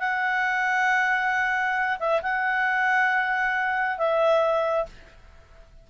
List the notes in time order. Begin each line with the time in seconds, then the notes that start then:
0.00 F#5
2.00 E5
2.23 F#5
3.98 E5